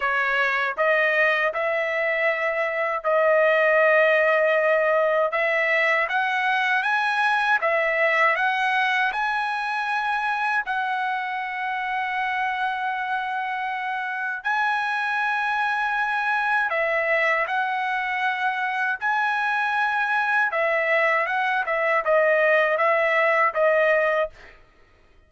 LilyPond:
\new Staff \with { instrumentName = "trumpet" } { \time 4/4 \tempo 4 = 79 cis''4 dis''4 e''2 | dis''2. e''4 | fis''4 gis''4 e''4 fis''4 | gis''2 fis''2~ |
fis''2. gis''4~ | gis''2 e''4 fis''4~ | fis''4 gis''2 e''4 | fis''8 e''8 dis''4 e''4 dis''4 | }